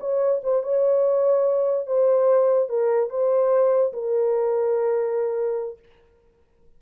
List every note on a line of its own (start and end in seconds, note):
0.00 0.41 C#5
0.43 0.63 C5
0.63 1.87 C#5
1.87 2.69 C5
2.69 3.10 A#4
3.10 3.93 C5
3.93 5.79 A#4